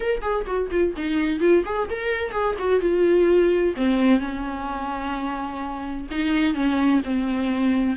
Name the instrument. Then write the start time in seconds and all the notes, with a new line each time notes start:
viola
0.00 A#4
0.21 G#4
0.46 F#4
0.70 F4
0.96 D#4
1.40 F4
1.65 G#4
1.90 A#4
2.31 G#4
2.58 F#4
2.80 F4
3.76 C4
4.19 C#4
6.10 D#4
6.54 C#4
7.04 C4